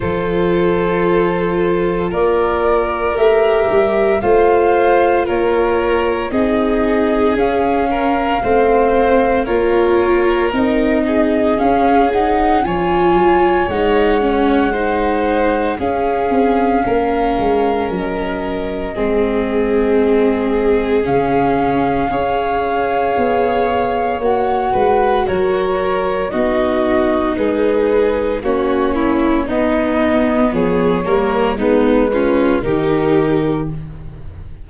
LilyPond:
<<
  \new Staff \with { instrumentName = "flute" } { \time 4/4 \tempo 4 = 57 c''2 d''4 e''4 | f''4 cis''4 dis''4 f''4~ | f''4 cis''4 dis''4 f''8 fis''8 | gis''4 fis''2 f''4~ |
f''4 dis''2. | f''2. fis''4 | cis''4 dis''4 b'4 cis''4 | dis''4 cis''4 b'4 ais'4 | }
  \new Staff \with { instrumentName = "violin" } { \time 4/4 a'2 ais'2 | c''4 ais'4 gis'4. ais'8 | c''4 ais'4. gis'4. | cis''2 c''4 gis'4 |
ais'2 gis'2~ | gis'4 cis''2~ cis''8 b'8 | ais'4 fis'4 gis'4 fis'8 e'8 | dis'4 gis'8 ais'8 dis'8 f'8 g'4 | }
  \new Staff \with { instrumentName = "viola" } { \time 4/4 f'2. g'4 | f'2 dis'4 cis'4 | c'4 f'4 dis'4 cis'8 dis'8 | f'4 dis'8 cis'8 dis'4 cis'4~ |
cis'2 c'2 | cis'4 gis'2 fis'4~ | fis'4 dis'2 cis'4 | b4. ais8 b8 cis'8 dis'4 | }
  \new Staff \with { instrumentName = "tuba" } { \time 4/4 f2 ais4 a8 g8 | a4 ais4 c'4 cis'4 | a4 ais4 c'4 cis'4 | f8 fis8 gis2 cis'8 c'8 |
ais8 gis8 fis4 gis2 | cis4 cis'4 b4 ais8 gis8 | fis4 b4 gis4 ais4 | b4 f8 g8 gis4 dis4 | }
>>